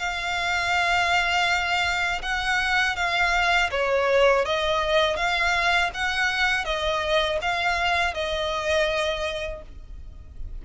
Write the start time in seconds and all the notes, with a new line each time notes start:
0.00 F5
2.23 F#5
2.97 F5
3.71 C#5
4.45 D#5
5.17 F5
5.95 F#5
6.65 D#5
7.42 F5
8.14 D#5